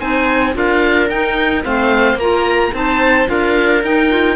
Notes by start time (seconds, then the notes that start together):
0.00 C4 D#4 C5 G#5
0.54 D4 F4 A#4 F5
1.09 D#4 G5
1.63 A3 C4 C5 F5
2.15 A#3 A#4 A#5
2.21 F4
2.73 C4 D#4 C5 A5
3.26 D4 F4 A#4 F5
3.83 D#4 G5
4.10 F4